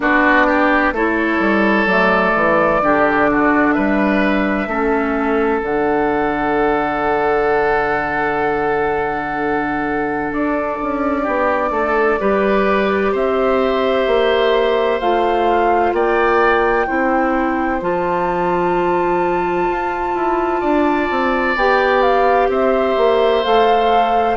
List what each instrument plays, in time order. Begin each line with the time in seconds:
0.00 bassoon B3, clarinet D4, oboe F#4, flute D5
0.46 oboe G4
0.92 bassoon A3, clarinet E4, oboe A4, flute C#5
1.39 bassoon G3
1.86 bassoon F#3, clarinet A3, flute D5
2.35 bassoon E3
2.82 bassoon D3, clarinet D4, oboe G4
3.31 oboe F#4
3.72 bassoon G3, oboe B4, flute E5
4.66 bassoon A3, clarinet C#4, oboe A4
5.62 bassoon D3, clarinet D4, flute F#5
10.30 bassoon D4, flute D5
10.82 bassoon C#4
11.22 bassoon B3, oboe G4
11.70 bassoon A3, oboe A4
12.19 bassoon G3, clarinet G4, oboe B4
13.12 bassoon C4, oboe C5, flute E5
14.06 bassoon A#3
15.00 bassoon A3, clarinet F4, flute F5
15.92 bassoon A#3, oboe D5, flute G5
16.87 bassoon C4, clarinet E4, oboe C5
17.80 bassoon F3, clarinet F4, flute A5
19.69 bassoon F4
20.14 bassoon E4
20.60 bassoon D4, oboe D5
21.10 bassoon C4
21.55 bassoon B3, clarinet G4, flute G5
22.02 flute F5
22.48 bassoon C4, oboe C5, flute E5
22.97 bassoon A#3
23.43 bassoon A3, clarinet A4, flute F5